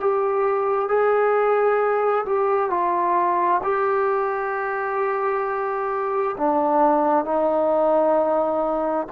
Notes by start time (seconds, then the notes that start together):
0.00 G4
0.88 G#4
2.26 G4
2.70 F4
3.64 G4
6.38 D4
7.25 D#4